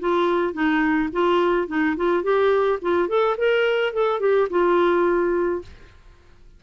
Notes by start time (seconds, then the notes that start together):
0.00 F4
0.53 D#4
1.12 F4
1.68 D#4
1.96 F4
2.23 G4
2.82 F4
3.08 A4
3.38 A#4
3.93 A4
4.20 G4
4.50 F4